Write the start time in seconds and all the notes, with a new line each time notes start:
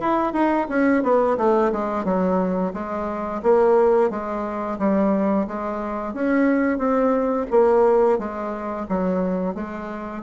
0.00 E4
0.33 D#4
0.69 C#4
1.03 B3
1.37 A3
1.72 G#3
2.04 F#3
2.73 G#3
3.42 A#3
4.10 G#3
4.79 G3
5.47 G#3
6.14 C#4
6.78 C4
7.50 A#3
8.18 G#3
8.89 F#3
9.55 G#3